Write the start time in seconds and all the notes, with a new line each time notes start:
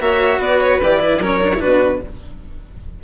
0.00 A#3 F#4 C#5 E5
0.38 B3 B4 D5
0.60 C#5
0.82 E3 G4 D5
1.00 E4
1.20 F#3 C#4 A#4 C#5
1.43 D4
1.54 D4 E4
1.61 B2 F#4 B4